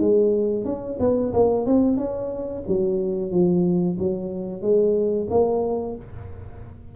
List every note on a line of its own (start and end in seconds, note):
0.00 0.65 G#3
0.65 0.98 C#4
1.00 1.33 B3
1.33 1.66 A#3
1.66 1.97 C4
1.97 2.63 C#4
2.68 3.31 F#3
3.31 3.97 F3
3.99 4.62 F#3
4.62 5.27 G#3
5.30 5.96 A#3